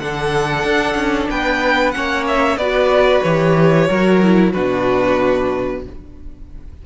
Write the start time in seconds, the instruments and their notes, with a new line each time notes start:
0.00 cello D3, viola D4, violin A4 F#5
0.64 cello D4
0.95 cello C#4
1.30 cello B3, violin B4 G5
1.92 cello A#3, viola C#4, violin C#5 F#5
2.28 violin E5
2.58 cello B3, viola F#4, violin B4 D5
3.23 cello E3, viola G4, violin C#5
3.88 cello F#3, viola F#4, violin A#4
4.23 viola E4
4.53 cello B2, viola D4, violin F#4 B4